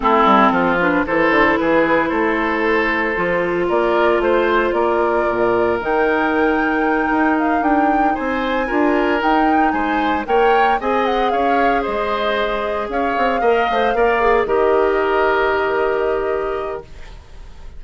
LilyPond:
<<
  \new Staff \with { instrumentName = "flute" } { \time 4/4 \tempo 4 = 114 a'4. b'8 c''4 b'4 | c''2. d''4 | c''4 d''2 g''4~ | g''2 f''8 g''4 gis''8~ |
gis''4. g''4 gis''4 g''8~ | g''8 gis''8 fis''8 f''4 dis''4.~ | dis''8 f''2. dis''8~ | dis''1 | }
  \new Staff \with { instrumentName = "oboe" } { \time 4/4 e'4 f'4 a'4 gis'4 | a'2. ais'4 | c''4 ais'2.~ | ais'2.~ ais'8 c''8~ |
c''8 ais'2 c''4 cis''8~ | cis''8 dis''4 cis''4 c''4.~ | c''8 cis''4 dis''4 d''4 ais'8~ | ais'1 | }
  \new Staff \with { instrumentName = "clarinet" } { \time 4/4 c'4. d'8 e'2~ | e'2 f'2~ | f'2. dis'4~ | dis'1~ |
dis'8 f'4 dis'2 ais'8~ | ais'8 gis'2.~ gis'8~ | gis'4. ais'8 c''8 ais'8 gis'8 g'8~ | g'1 | }
  \new Staff \with { instrumentName = "bassoon" } { \time 4/4 a8 g8 f4 e8 d8 e4 | a2 f4 ais4 | a4 ais4 ais,4 dis4~ | dis4. dis'4 d'4 c'8~ |
c'8 d'4 dis'4 gis4 ais8~ | ais8 c'4 cis'4 gis4.~ | gis8 cis'8 c'8 ais8 a8 ais4 dis8~ | dis1 | }
>>